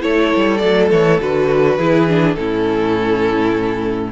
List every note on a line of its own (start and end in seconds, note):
0.00 0.32 A3
0.00 0.59 E4
0.00 1.77 A4
0.00 0.57 C#5
0.36 0.62 G3
0.57 0.91 F#3
0.57 1.20 A3
0.57 0.87 D5
0.91 1.20 E3
0.91 1.20 C#5
1.20 1.77 D3
1.20 1.79 F#4
1.20 2.34 B4
1.77 2.36 E3
1.77 2.08 E4
1.77 2.36 G#4
2.08 2.37 D4
2.34 4.12 A2
2.34 4.12 C#4
2.34 4.12 E4
2.34 4.11 A4